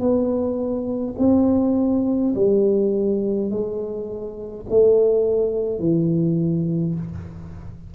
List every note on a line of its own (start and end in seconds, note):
0.00 1.15 B3
1.19 2.34 C4
2.35 3.51 G3
3.51 4.66 G#3
4.70 5.80 A3
5.80 6.95 E3